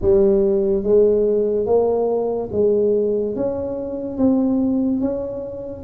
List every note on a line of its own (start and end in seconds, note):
0.01 0.83 G3
0.83 1.66 G#3
1.66 2.49 A#3
2.52 3.35 G#3
3.35 4.17 C#4
4.17 5.00 C4
5.00 5.83 C#4